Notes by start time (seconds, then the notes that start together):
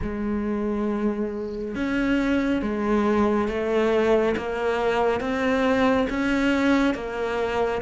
0.02 G#3
1.75 C#4
2.61 G#3
3.48 A3
4.37 A#3
5.20 C4
6.09 C#4
6.94 A#3